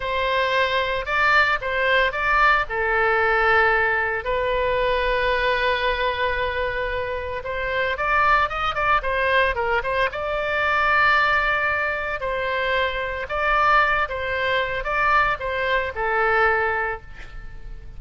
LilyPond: \new Staff \with { instrumentName = "oboe" } { \time 4/4 \tempo 4 = 113 c''2 d''4 c''4 | d''4 a'2. | b'1~ | b'2 c''4 d''4 |
dis''8 d''8 c''4 ais'8 c''8 d''4~ | d''2. c''4~ | c''4 d''4. c''4. | d''4 c''4 a'2 | }